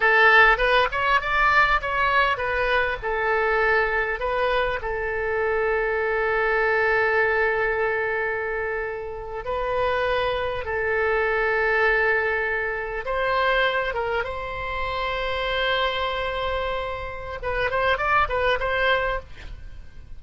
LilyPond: \new Staff \with { instrumentName = "oboe" } { \time 4/4 \tempo 4 = 100 a'4 b'8 cis''8 d''4 cis''4 | b'4 a'2 b'4 | a'1~ | a'2.~ a'8. b'16~ |
b'4.~ b'16 a'2~ a'16~ | a'4.~ a'16 c''4. ais'8 c''16~ | c''1~ | c''4 b'8 c''8 d''8 b'8 c''4 | }